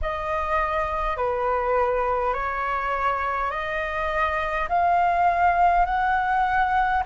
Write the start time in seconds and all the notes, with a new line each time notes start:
0.01 D#5
1.17 B4
2.33 C#5
3.50 D#5
4.68 F5
5.85 F#5